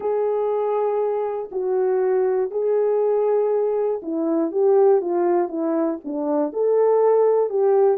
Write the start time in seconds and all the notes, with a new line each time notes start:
0.00 G#4
1.51 F#4
2.50 G#4
4.02 E4
4.51 G4
5.01 F4
5.48 E4
6.04 D4
6.52 A4
7.49 G4